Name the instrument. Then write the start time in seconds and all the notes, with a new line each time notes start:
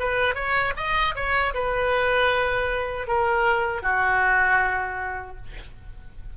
oboe
0.00 B4
0.35 C#5
0.77 D#5
1.16 C#5
1.54 B4
3.08 A#4
3.83 F#4